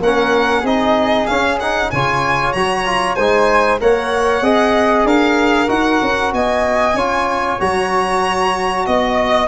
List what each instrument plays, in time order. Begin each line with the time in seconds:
0.00 tuba A#3, trombone C#4, flute A#4, violin F#5
0.60 tuba C4, trombone D#4, flute G#4
0.66 violin D#5
1.27 trombone C#4, tuba C#4, violin F5
1.60 trombone D#4, violin F#5
1.91 tuba C#3, trombone F4, flute C#5, violin G#5
2.53 tuba F#3, trombone F#4, violin A#5
2.86 trombone F4
3.15 tuba G#3, trombone D#4, flute C5, violin G#5
3.81 tuba A#3, trombone A#4, flute C#5, violin F#5
4.42 tuba C4, trombone G#4, flute D#5
5.05 tuba D4, flute A#4, violin F5
5.68 tuba D#4, trombone F#4, violin F#5
6.02 tuba C#4
6.33 tuba B3, flute D#5, violin G#5
6.95 tuba C#4, trombone F4, flute C#5
7.60 tuba F#3, trombone F#4, violin A#5
8.86 tuba B3, violin D#5, flute D#5